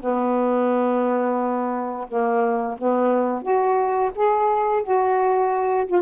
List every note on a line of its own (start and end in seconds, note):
0.00 2.07 B3
2.08 2.77 A#3
2.78 3.42 B3
3.42 4.11 F#4
4.16 4.83 G#4
4.83 5.87 F#4
5.87 6.02 F4